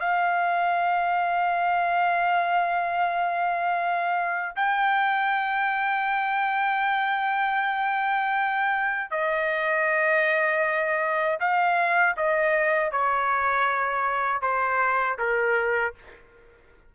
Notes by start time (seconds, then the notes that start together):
0.00 F5
4.56 G5
9.11 D#5
11.40 F5
12.17 D#5
12.92 C#5
14.42 C5
15.19 A#4